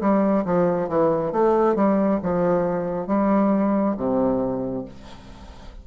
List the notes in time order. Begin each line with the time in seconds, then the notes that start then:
0.00 G3
0.45 F3
0.88 E3
1.32 A3
1.75 G3
2.22 F3
3.07 G3
3.96 C3